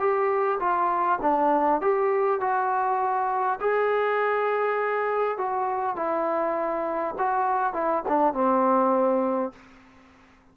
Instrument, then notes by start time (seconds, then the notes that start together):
trombone
0.00 G4
0.60 F4
1.22 D4
1.81 G4
2.41 F#4
3.61 G#4
5.38 F#4
5.96 E4
7.19 F#4
7.74 E4
8.08 D4
8.34 C4